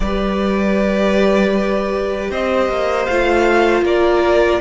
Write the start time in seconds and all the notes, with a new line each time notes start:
0.00 G3 G4 B4 D5
2.30 C4 C5 D#5
2.69 A#3
3.06 A3 F4 F5
3.82 A#3 A#4 D5